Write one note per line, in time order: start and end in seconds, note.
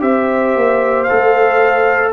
0.00 0.55 C4
0.00 1.07 G4
0.00 2.13 C5
0.00 1.03 E5
0.55 1.08 A#3
1.03 2.13 A4
1.03 2.10 F5
1.12 2.13 A3